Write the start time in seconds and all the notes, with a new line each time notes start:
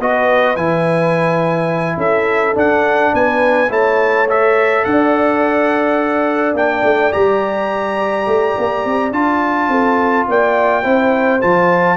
0.00 B3 F#4 B4 D#5
0.56 E3 E4 G#5
1.97 C#4 A4 E5
2.54 D4 F#5
3.14 B3 B4 G#5
3.70 A3 E4 C#5 A5
4.29 A4 E5
4.85 D4 D5 F#5
6.54 A#3 D4 G5
6.84 A3
7.12 G3 G4 A#5
8.27 A3
8.58 A#3
8.85 C4
9.12 D4 F4 A5
9.69 C4 A4
10.28 A#3 D5 G5
10.83 C4 E4 C5
11.42 F3 F4 A5